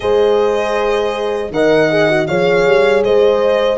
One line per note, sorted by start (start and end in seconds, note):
0.00 1.50 G#3
0.00 1.50 G#4
0.00 1.53 C5
0.00 1.51 D#5
1.50 2.26 D#3
1.50 1.90 A#4
1.50 2.28 D#5
1.50 2.26 F#5
1.90 2.09 G#4
2.09 2.28 F#4
2.26 2.66 F3
2.26 3.78 G#4
2.26 3.04 C#5
2.26 3.02 F5
2.66 3.04 G3
3.04 3.78 G#3
3.04 3.78 C5
3.04 3.78 D#5